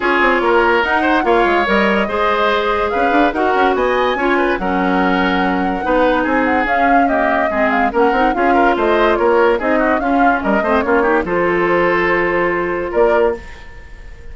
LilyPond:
<<
  \new Staff \with { instrumentName = "flute" } { \time 4/4 \tempo 4 = 144 cis''2 fis''4 f''4 | dis''2. f''4 | fis''4 gis''2 fis''4~ | fis''2. gis''8 fis''8 |
f''4 dis''4. f''8 fis''4 | f''4 dis''4 cis''4 dis''4 | f''4 dis''4 cis''4 c''4~ | c''2. d''4 | }
  \new Staff \with { instrumentName = "oboe" } { \time 4/4 gis'4 ais'4. c''8 cis''4~ | cis''4 c''2 b'4 | ais'4 dis''4 cis''8 b'8 ais'4~ | ais'2 b'4 gis'4~ |
gis'4 g'4 gis'4 ais'4 | gis'8 ais'8 c''4 ais'4 gis'8 fis'8 | f'4 ais'8 c''8 f'8 g'8 a'4~ | a'2. ais'4 | }
  \new Staff \with { instrumentName = "clarinet" } { \time 4/4 f'2 dis'4 f'4 | ais'4 gis'2. | fis'2 f'4 cis'4~ | cis'2 dis'2 |
cis'4 ais4 c'4 cis'8 dis'8 | f'2. dis'4 | cis'4. c'8 cis'8 dis'8 f'4~ | f'1 | }
  \new Staff \with { instrumentName = "bassoon" } { \time 4/4 cis'8 c'8 ais4 dis'4 ais8 gis8 | g4 gis2 cis'8 d'8 | dis'8 cis'8 b4 cis'4 fis4~ | fis2 b4 c'4 |
cis'2 gis4 ais8 c'8 | cis'4 a4 ais4 c'4 | cis'4 g8 a8 ais4 f4~ | f2. ais4 | }
>>